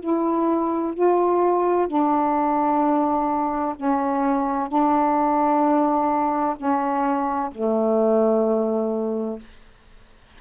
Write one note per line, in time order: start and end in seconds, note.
0.00 0.94 E4
0.94 1.87 F4
1.87 3.75 D4
3.76 4.68 C#4
4.68 6.56 D4
6.57 7.50 C#4
7.52 9.39 A3